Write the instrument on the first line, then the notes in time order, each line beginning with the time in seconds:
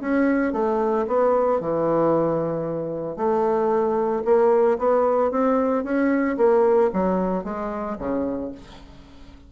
bassoon
0.00 C#4
0.53 A3
1.07 B3
1.60 E3
3.16 A3
4.24 A#3
4.78 B3
5.31 C4
5.83 C#4
6.37 A#3
6.93 F#3
7.44 G#3
7.98 C#3